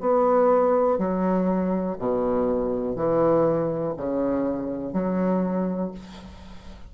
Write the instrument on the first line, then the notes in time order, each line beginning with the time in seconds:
bassoon
0.00 B3
0.98 F#3
1.99 B2
2.96 E3
3.97 C#3
4.93 F#3